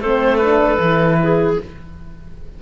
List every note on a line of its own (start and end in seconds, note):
0.00 0.78 A3
0.00 0.41 C4
0.00 1.18 A4
0.00 0.38 C5
0.38 0.80 D4
0.38 1.55 B4
0.79 1.57 E3
0.79 1.57 E4
1.23 1.62 G#4